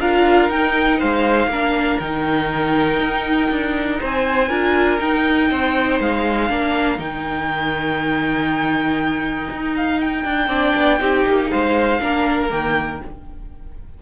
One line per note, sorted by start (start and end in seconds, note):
0.00 0.49 D4
0.00 0.51 F4
0.00 0.99 A#4
0.00 0.51 F5
0.49 0.99 D#4
0.49 1.51 D#4
0.49 1.00 G5
0.99 1.47 G#3
0.99 1.49 C5
0.99 1.99 F5
1.47 1.97 A#3
1.47 2.02 D4
1.47 4.00 A#4
1.99 3.00 D#3
1.99 4.50 D#4
1.99 3.99 G5
3.00 3.50 D#4
3.51 4.01 D4
4.00 4.50 C4
4.00 4.49 C5
4.00 5.00 G#5
4.49 5.00 D4
4.49 4.99 F4
4.49 5.49 A#4
4.99 6.49 D#4
4.99 5.51 D#4
4.99 6.00 G5
5.51 6.00 C4
5.51 6.51 C5
6.00 6.50 G#3
6.00 7.00 F5
6.49 6.98 A#3
6.49 6.98 D4
6.49 10.49 A#4
6.98 9.48 D#3
6.98 10.48 D#4
6.98 9.75 G5
9.51 10.25 D#4
9.77 10.01 F5
10.01 11.50 G5
10.25 10.48 D4
10.48 10.73 C4
10.48 10.99 D4
10.48 10.99 D5
10.76 11.01 B3
10.99 11.26 C4
10.99 11.99 D#4
10.99 11.51 G4
11.26 11.51 A#3
11.50 12.00 G#3
11.50 12.01 C5
11.50 12.50 F5
12.00 12.50 A#3
12.00 12.50 D4
12.00 13.02 A#4
12.50 13.02 D#3
12.50 13.00 A#3
12.50 13.01 G5